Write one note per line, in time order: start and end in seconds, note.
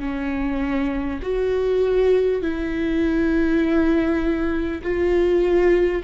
0.00 1.20 C#4
1.22 2.42 F#4
2.42 4.82 E4
4.82 6.02 F4